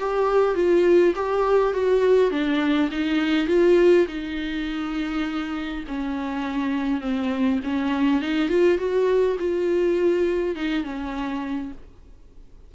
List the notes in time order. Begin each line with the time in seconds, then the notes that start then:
0.00 G4
0.55 F4
1.16 G4
1.74 F#4
2.31 D4
2.91 D#4
3.48 F4
4.08 D#4
5.88 C#4
7.01 C4
7.64 C#4
8.22 D#4
8.49 F4
8.78 F#4
9.39 F4
10.56 D#4
10.84 C#4